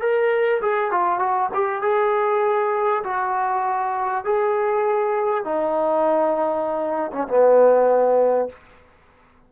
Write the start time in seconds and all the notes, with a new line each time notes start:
0.00 A#4
0.61 G#4
0.91 F4
1.19 F#4
1.53 G4
1.81 G#4
3.04 F#4
4.24 G#4
5.44 D#4
7.12 C#4
7.27 B3